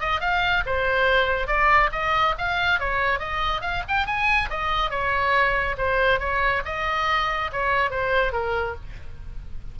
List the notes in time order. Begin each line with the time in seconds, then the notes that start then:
0.00 D#5
0.20 F5
0.66 C5
1.47 D5
1.92 D#5
2.38 F5
2.80 C#5
3.19 D#5
3.61 F5
3.88 G5
4.06 G#5
4.50 D#5
4.90 C#5
5.77 C5
6.19 C#5
6.65 D#5
7.52 C#5
7.90 C5
8.32 A#4